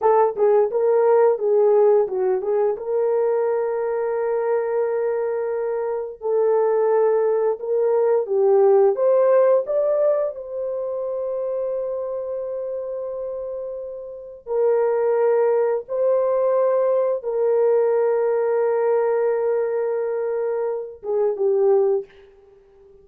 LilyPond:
\new Staff \with { instrumentName = "horn" } { \time 4/4 \tempo 4 = 87 a'8 gis'8 ais'4 gis'4 fis'8 gis'8 | ais'1~ | ais'4 a'2 ais'4 | g'4 c''4 d''4 c''4~ |
c''1~ | c''4 ais'2 c''4~ | c''4 ais'2.~ | ais'2~ ais'8 gis'8 g'4 | }